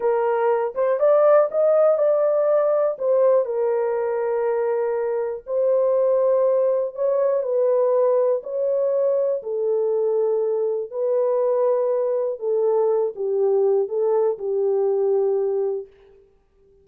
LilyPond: \new Staff \with { instrumentName = "horn" } { \time 4/4 \tempo 4 = 121 ais'4. c''8 d''4 dis''4 | d''2 c''4 ais'4~ | ais'2. c''4~ | c''2 cis''4 b'4~ |
b'4 cis''2 a'4~ | a'2 b'2~ | b'4 a'4. g'4. | a'4 g'2. | }